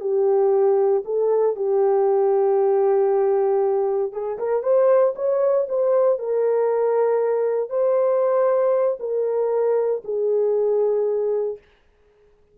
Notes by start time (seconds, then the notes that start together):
0.00 G4
1.04 A4
1.55 G4
4.12 G#4
4.38 A#4
4.62 C5
5.15 C#5
5.69 C5
6.18 A#4
7.69 C5
8.99 A#4
10.04 G#4